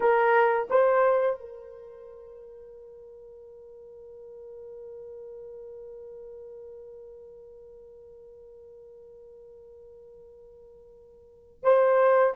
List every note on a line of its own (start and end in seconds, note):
0.00 0.68 A#4
0.70 1.40 C5
1.40 11.63 A#4
11.63 12.33 C5